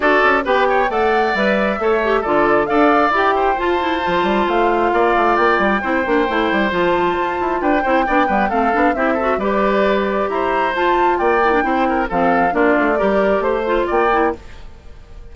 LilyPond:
<<
  \new Staff \with { instrumentName = "flute" } { \time 4/4 \tempo 4 = 134 d''4 g''4 fis''4 e''4~ | e''4 d''4 f''4 g''4 | a''2 f''2 | g''2. a''4~ |
a''4 g''2 f''4 | e''4 d''2 ais''4 | a''4 g''2 f''4 | d''2 c''4 g''4 | }
  \new Staff \with { instrumentName = "oboe" } { \time 4/4 a'4 b'8 cis''8 d''2 | cis''4 a'4 d''4. c''8~ | c''2. d''4~ | d''4 c''2.~ |
c''4 b'8 c''8 d''8 b'8 a'4 | g'8 a'8 b'2 c''4~ | c''4 d''4 c''8 ais'8 a'4 | f'4 ais'4 c''4 d''4 | }
  \new Staff \with { instrumentName = "clarinet" } { \time 4/4 fis'4 g'4 a'4 b'4 | a'8 g'8 f'4 a'4 g'4 | f'8 e'8 f'2.~ | f'4 e'8 d'8 e'4 f'4~ |
f'4. e'8 d'8 b8 c'8 d'8 | e'8 fis'8 g'2. | f'4. e'16 d'16 e'4 c'4 | d'4 g'4. f'4 e'8 | }
  \new Staff \with { instrumentName = "bassoon" } { \time 4/4 d'8 cis'8 b4 a4 g4 | a4 d4 d'4 e'4 | f'4 f8 g8 a4 ais8 a8 | ais8 g8 c'8 ais8 a8 g8 f4 |
f'8 e'8 d'8 c'8 b8 g8 a8 b8 | c'4 g2 e'4 | f'4 ais4 c'4 f4 | ais8 a8 g4 a4 ais4 | }
>>